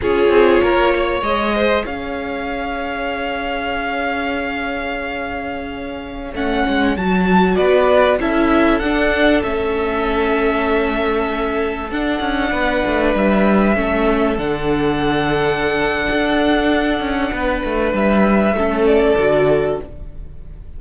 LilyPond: <<
  \new Staff \with { instrumentName = "violin" } { \time 4/4 \tempo 4 = 97 cis''2 dis''4 f''4~ | f''1~ | f''2~ f''16 fis''4 a''8.~ | a''16 d''4 e''4 fis''4 e''8.~ |
e''2.~ e''16 fis''8.~ | fis''4~ fis''16 e''2 fis''8.~ | fis''1~ | fis''4 e''4. d''4. | }
  \new Staff \with { instrumentName = "violin" } { \time 4/4 gis'4 ais'8 cis''4 c''8 cis''4~ | cis''1~ | cis''1~ | cis''16 b'4 a'2~ a'8.~ |
a'1~ | a'16 b'2 a'4.~ a'16~ | a'1 | b'2 a'2 | }
  \new Staff \with { instrumentName = "viola" } { \time 4/4 f'2 gis'2~ | gis'1~ | gis'2~ gis'16 cis'4 fis'8.~ | fis'4~ fis'16 e'4 d'4 cis'8.~ |
cis'2.~ cis'16 d'8.~ | d'2~ d'16 cis'4 d'8.~ | d'1~ | d'2 cis'4 fis'4 | }
  \new Staff \with { instrumentName = "cello" } { \time 4/4 cis'8 c'8 ais4 gis4 cis'4~ | cis'1~ | cis'2~ cis'16 a8 gis8 fis8.~ | fis16 b4 cis'4 d'4 a8.~ |
a2.~ a16 d'8 cis'16~ | cis'16 b8 a8 g4 a4 d8.~ | d2 d'4. cis'8 | b8 a8 g4 a4 d4 | }
>>